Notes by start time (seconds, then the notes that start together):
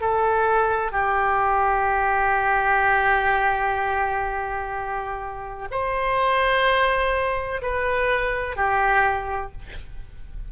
0.00 A4
0.91 G4
5.71 C5
7.61 B4
8.56 G4